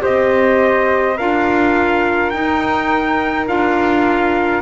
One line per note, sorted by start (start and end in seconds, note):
0.00 1.19 C4
0.00 1.15 G4
0.00 1.17 C5
0.00 1.18 D#5
1.17 2.33 D4
1.17 2.33 F4
1.17 4.61 A#4
1.17 2.30 F5
2.30 3.48 D#4
2.30 3.49 D#4
2.30 3.45 G5
3.48 4.61 D4
3.48 4.61 F4
3.48 4.61 F5